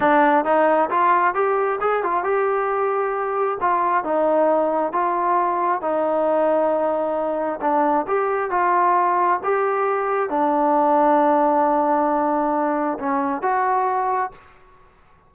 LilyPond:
\new Staff \with { instrumentName = "trombone" } { \time 4/4 \tempo 4 = 134 d'4 dis'4 f'4 g'4 | gis'8 f'8 g'2. | f'4 dis'2 f'4~ | f'4 dis'2.~ |
dis'4 d'4 g'4 f'4~ | f'4 g'2 d'4~ | d'1~ | d'4 cis'4 fis'2 | }